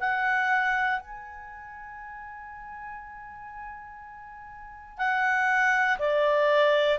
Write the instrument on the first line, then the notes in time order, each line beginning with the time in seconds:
clarinet
0.00 F#5
1.00 G#5
4.98 F#5
5.99 D5